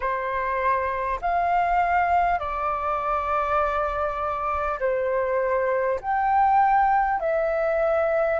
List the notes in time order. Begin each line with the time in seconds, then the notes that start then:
0.00 C5
1.21 F5
2.39 D5
4.79 C5
6.01 G5
7.19 E5